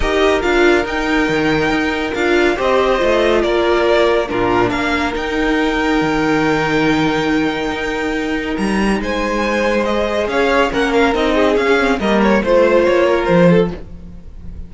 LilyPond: <<
  \new Staff \with { instrumentName = "violin" } { \time 4/4 \tempo 4 = 140 dis''4 f''4 g''2~ | g''4 f''4 dis''2 | d''2 ais'4 f''4 | g''1~ |
g''1 | ais''4 gis''2 dis''4 | f''4 fis''8 f''8 dis''4 f''4 | dis''8 cis''8 c''4 cis''4 c''4 | }
  \new Staff \with { instrumentName = "violin" } { \time 4/4 ais'1~ | ais'2 c''2 | ais'2 f'4 ais'4~ | ais'1~ |
ais'1~ | ais'4 c''2. | cis''4 ais'4. gis'4. | ais'4 c''4. ais'4 a'8 | }
  \new Staff \with { instrumentName = "viola" } { \time 4/4 g'4 f'4 dis'2~ | dis'4 f'4 g'4 f'4~ | f'2 d'2 | dis'1~ |
dis'1~ | dis'2. gis'4~ | gis'4 cis'4 dis'4 cis'8 c'8 | ais4 f'2. | }
  \new Staff \with { instrumentName = "cello" } { \time 4/4 dis'4 d'4 dis'4 dis4 | dis'4 d'4 c'4 a4 | ais2 ais,4 ais4 | dis'2 dis2~ |
dis2 dis'2 | g4 gis2. | cis'4 ais4 c'4 cis'4 | g4 a4 ais4 f4 | }
>>